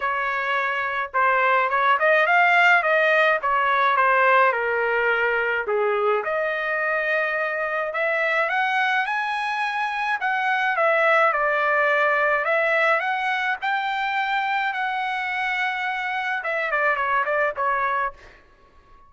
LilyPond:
\new Staff \with { instrumentName = "trumpet" } { \time 4/4 \tempo 4 = 106 cis''2 c''4 cis''8 dis''8 | f''4 dis''4 cis''4 c''4 | ais'2 gis'4 dis''4~ | dis''2 e''4 fis''4 |
gis''2 fis''4 e''4 | d''2 e''4 fis''4 | g''2 fis''2~ | fis''4 e''8 d''8 cis''8 d''8 cis''4 | }